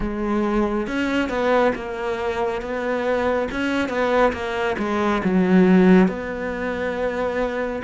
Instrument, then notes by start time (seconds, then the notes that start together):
cello
0.00 G#3
0.87 C#4
1.28 B3
1.75 A#3
2.61 B3
3.51 C#4
3.89 B3
4.32 A#3
4.78 G#3
5.24 F#3
6.08 B3